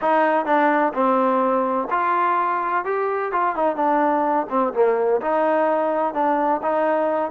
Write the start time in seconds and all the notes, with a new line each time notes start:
0.01 D#4
0.45 D4
0.93 C4
1.90 F4
2.85 G4
3.32 F4
3.55 D#4
3.76 D4
4.49 C4
4.73 A#3
5.21 D#4
6.14 D4
6.62 D#4